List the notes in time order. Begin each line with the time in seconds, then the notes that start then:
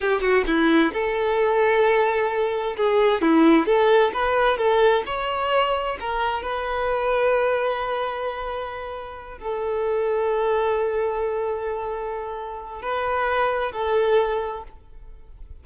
0.01 G4
0.21 F#4
0.46 E4
0.93 A4
2.76 G#4
3.21 E4
3.65 A4
4.13 B4
4.57 A4
5.05 C#5
6.00 A#4
6.42 B4
9.38 A4
12.82 B4
13.72 A4